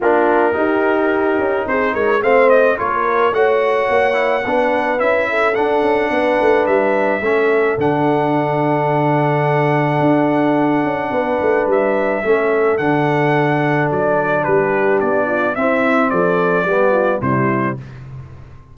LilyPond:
<<
  \new Staff \with { instrumentName = "trumpet" } { \time 4/4 \tempo 4 = 108 ais'2. c''8 cis''8 | f''8 dis''8 cis''4 fis''2~ | fis''4 e''4 fis''2 | e''2 fis''2~ |
fis''1~ | fis''4 e''2 fis''4~ | fis''4 d''4 b'4 d''4 | e''4 d''2 c''4 | }
  \new Staff \with { instrumentName = "horn" } { \time 4/4 f'4 g'2 gis'8 ais'8 | c''4 ais'4 cis''2 | b'4. a'4. b'4~ | b'4 a'2.~ |
a'1 | b'2 a'2~ | a'2 g'4. f'8 | e'4 a'4 g'8 f'8 e'4 | }
  \new Staff \with { instrumentName = "trombone" } { \time 4/4 d'4 dis'2. | c'4 f'4 fis'4. e'8 | d'4 e'4 d'2~ | d'4 cis'4 d'2~ |
d'1~ | d'2 cis'4 d'4~ | d'1 | c'2 b4 g4 | }
  \new Staff \with { instrumentName = "tuba" } { \time 4/4 ais4 dis'4. cis'8 c'8 gis8 | a4 ais4 a4 ais4 | b4 cis'4 d'8 cis'8 b8 a8 | g4 a4 d2~ |
d2 d'4. cis'8 | b8 a8 g4 a4 d4~ | d4 fis4 g4 b4 | c'4 f4 g4 c4 | }
>>